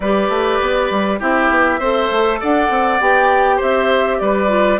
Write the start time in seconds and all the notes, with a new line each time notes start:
0.00 G3 G4 B4 D5
0.29 A3
0.60 B3
0.90 G3
1.19 C4 E4 G4 E5
1.50 B3
1.79 C4 A4 C5
2.10 A3
2.40 D4 D5 F#5
2.69 C4
3.00 B3 G4 G5
3.56 C4 C5 E5
4.19 G3 B4 D5
4.48 F4